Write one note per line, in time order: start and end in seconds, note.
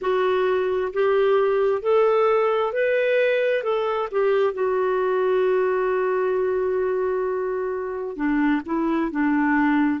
0.01 0.92 F#4
0.93 1.82 G4
1.82 2.73 A4
2.73 3.63 B4
3.63 4.08 A4
4.11 4.53 G4
4.53 8.16 F#4
8.16 8.61 D4
8.65 9.11 E4
9.11 10.00 D4